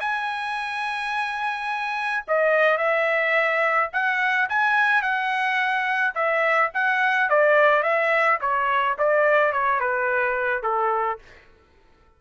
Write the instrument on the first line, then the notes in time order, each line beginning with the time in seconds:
trumpet
0.00 G#5
2.27 D#5
2.78 E5
3.93 F#5
4.49 G#5
5.02 F#5
6.15 E5
6.74 F#5
7.29 D5
7.83 E5
8.41 C#5
8.98 D5
9.53 C#5
9.80 B4
10.63 A4